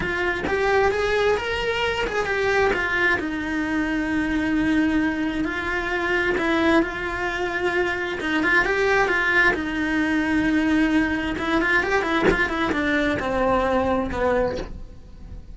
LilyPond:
\new Staff \with { instrumentName = "cello" } { \time 4/4 \tempo 4 = 132 f'4 g'4 gis'4 ais'4~ | ais'8 gis'8 g'4 f'4 dis'4~ | dis'1 | f'2 e'4 f'4~ |
f'2 dis'8 f'8 g'4 | f'4 dis'2.~ | dis'4 e'8 f'8 g'8 e'8 f'8 e'8 | d'4 c'2 b4 | }